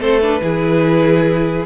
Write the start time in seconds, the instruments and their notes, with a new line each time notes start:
0.00 cello A3, viola C4, violin A4 C5
0.21 viola D4, violin B4
0.42 cello E3, viola E4, violin G#4